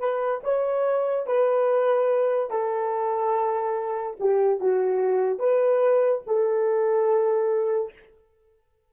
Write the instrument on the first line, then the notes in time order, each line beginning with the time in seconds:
horn
0.00 B4
0.44 C#5
1.27 B4
2.51 A4
4.20 G4
4.61 F#4
5.39 B4
6.27 A4